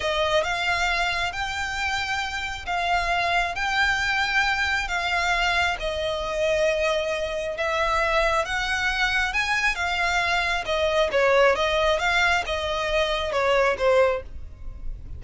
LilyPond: \new Staff \with { instrumentName = "violin" } { \time 4/4 \tempo 4 = 135 dis''4 f''2 g''4~ | g''2 f''2 | g''2. f''4~ | f''4 dis''2.~ |
dis''4 e''2 fis''4~ | fis''4 gis''4 f''2 | dis''4 cis''4 dis''4 f''4 | dis''2 cis''4 c''4 | }